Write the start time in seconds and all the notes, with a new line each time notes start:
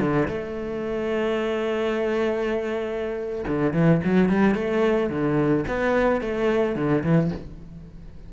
0.00 D3
0.28 A3
3.48 D3
3.73 E3
4.04 F#3
4.29 G3
4.55 A3
5.10 D3
5.68 B3
6.21 A3
6.76 D3
7.04 E3